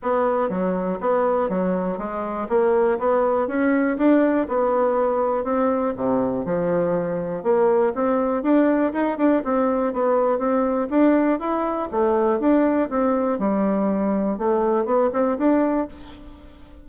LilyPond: \new Staff \with { instrumentName = "bassoon" } { \time 4/4 \tempo 4 = 121 b4 fis4 b4 fis4 | gis4 ais4 b4 cis'4 | d'4 b2 c'4 | c4 f2 ais4 |
c'4 d'4 dis'8 d'8 c'4 | b4 c'4 d'4 e'4 | a4 d'4 c'4 g4~ | g4 a4 b8 c'8 d'4 | }